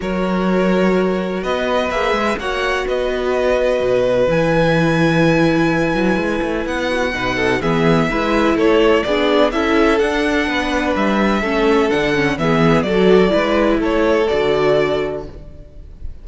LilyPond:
<<
  \new Staff \with { instrumentName = "violin" } { \time 4/4 \tempo 4 = 126 cis''2. dis''4 | e''4 fis''4 dis''2~ | dis''4 gis''2.~ | gis''2 fis''2 |
e''2 cis''4 d''4 | e''4 fis''2 e''4~ | e''4 fis''4 e''4 d''4~ | d''4 cis''4 d''2 | }
  \new Staff \with { instrumentName = "violin" } { \time 4/4 ais'2. b'4~ | b'4 cis''4 b'2~ | b'1~ | b'2~ b'8 fis'8 b'8 a'8 |
gis'4 b'4 a'4 gis'4 | a'2 b'2 | a'2 gis'4 a'4 | b'4 a'2. | }
  \new Staff \with { instrumentName = "viola" } { \time 4/4 fis'1 | gis'4 fis'2.~ | fis'4 e'2.~ | e'2. dis'4 |
b4 e'2 d'4 | e'4 d'2. | cis'4 d'8 cis'8 b4 fis'4 | e'2 fis'2 | }
  \new Staff \with { instrumentName = "cello" } { \time 4/4 fis2. b4 | ais8 gis8 ais4 b2 | b,4 e2.~ | e8 fis8 gis8 a8 b4 b,4 |
e4 gis4 a4 b4 | cis'4 d'4 b4 g4 | a4 d4 e4 fis4 | gis4 a4 d2 | }
>>